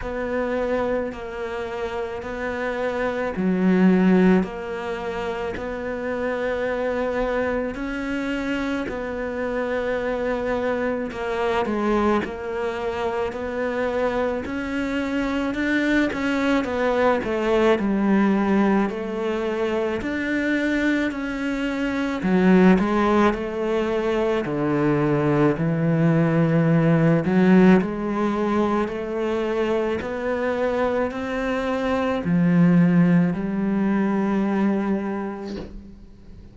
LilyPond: \new Staff \with { instrumentName = "cello" } { \time 4/4 \tempo 4 = 54 b4 ais4 b4 fis4 | ais4 b2 cis'4 | b2 ais8 gis8 ais4 | b4 cis'4 d'8 cis'8 b8 a8 |
g4 a4 d'4 cis'4 | fis8 gis8 a4 d4 e4~ | e8 fis8 gis4 a4 b4 | c'4 f4 g2 | }